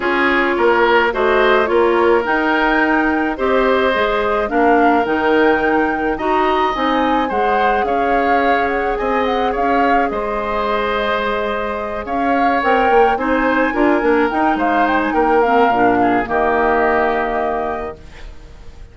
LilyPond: <<
  \new Staff \with { instrumentName = "flute" } { \time 4/4 \tempo 4 = 107 cis''2 dis''4 cis''4 | g''2 dis''2 | f''4 g''2 ais''4 | gis''4 fis''4 f''4. fis''8 |
gis''8 fis''8 f''4 dis''2~ | dis''4. f''4 g''4 gis''8~ | gis''4. g''8 f''8 g''16 gis''16 g''8 f''8~ | f''4 dis''2. | }
  \new Staff \with { instrumentName = "oboe" } { \time 4/4 gis'4 ais'4 c''4 ais'4~ | ais'2 c''2 | ais'2. dis''4~ | dis''4 c''4 cis''2 |
dis''4 cis''4 c''2~ | c''4. cis''2 c''8~ | c''8 ais'4. c''4 ais'4~ | ais'8 gis'8 g'2. | }
  \new Staff \with { instrumentName = "clarinet" } { \time 4/4 f'2 fis'4 f'4 | dis'2 g'4 gis'4 | d'4 dis'2 fis'4 | dis'4 gis'2.~ |
gis'1~ | gis'2~ gis'8 ais'4 dis'8~ | dis'8 f'8 d'8 dis'2 c'8 | d'4 ais2. | }
  \new Staff \with { instrumentName = "bassoon" } { \time 4/4 cis'4 ais4 a4 ais4 | dis'2 c'4 gis4 | ais4 dis2 dis'4 | c'4 gis4 cis'2 |
c'4 cis'4 gis2~ | gis4. cis'4 c'8 ais8 c'8~ | c'8 d'8 ais8 dis'8 gis4 ais4 | ais,4 dis2. | }
>>